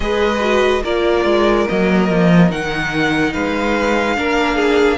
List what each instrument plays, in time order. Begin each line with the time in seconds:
0.00 cello G#3, viola G#4, violin B4 D#5
0.40 viola F#4
0.82 cello A#3, viola F4, violin A#4 D5
1.24 cello G#3
1.67 cello F#3, viola A#3, violin D#5
2.10 cello F3
2.50 cello D#3, viola D#4, violin F#5
3.33 cello G#3, violin B4 F5
4.15 cello A#3, viola D4, violin A#4
4.56 violin G#4